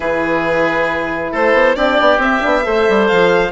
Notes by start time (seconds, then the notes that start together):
0.00 E3 E4 G#4 B4
1.31 A3 A4 C5
1.53 B3
1.75 C4 D4 G4 D5
1.99 B3
2.17 C4 E5
2.40 B3 D4
2.63 A3 A4 C5
2.88 G3
3.07 F3 F5